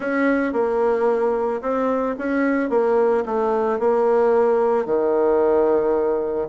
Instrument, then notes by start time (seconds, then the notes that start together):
bassoon
0.00 C#4
0.53 A#3
1.61 C4
2.18 C#4
2.69 A#3
3.25 A3
3.79 A#3
4.85 D#3